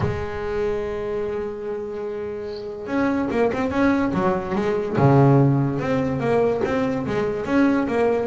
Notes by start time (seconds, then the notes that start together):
0.00 G#3
2.86 C#4
3.30 A#3
3.52 C4
3.70 C#4
4.13 F#3
4.55 G#3
4.97 C#3
5.79 C4
6.20 A#3
6.64 C4
7.06 G#3
7.45 C#4
7.87 A#3